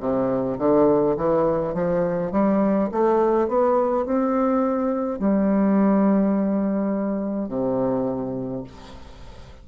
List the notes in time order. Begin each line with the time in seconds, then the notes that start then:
0.00 C3
0.59 D3
1.17 E3
1.74 F3
2.32 G3
2.92 A3
3.48 B3
4.06 C4
5.19 G3
7.48 C3